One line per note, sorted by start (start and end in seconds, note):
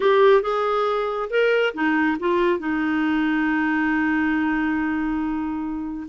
0.00 0.42 G4
0.42 1.29 G#4
1.30 1.73 A#4
1.74 2.17 D#4
2.19 2.59 F4
2.59 6.07 D#4